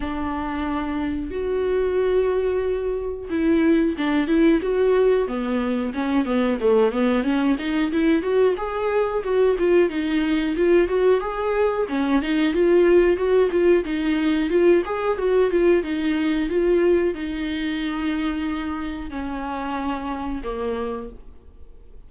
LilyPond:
\new Staff \with { instrumentName = "viola" } { \time 4/4 \tempo 4 = 91 d'2 fis'2~ | fis'4 e'4 d'8 e'8 fis'4 | b4 cis'8 b8 a8 b8 cis'8 dis'8 | e'8 fis'8 gis'4 fis'8 f'8 dis'4 |
f'8 fis'8 gis'4 cis'8 dis'8 f'4 | fis'8 f'8 dis'4 f'8 gis'8 fis'8 f'8 | dis'4 f'4 dis'2~ | dis'4 cis'2 ais4 | }